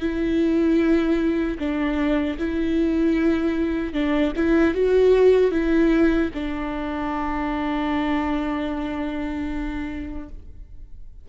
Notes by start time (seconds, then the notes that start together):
0.00 E4
1.59 D4
2.38 E4
3.93 D4
4.36 E4
4.74 F#4
5.51 E4
6.34 D4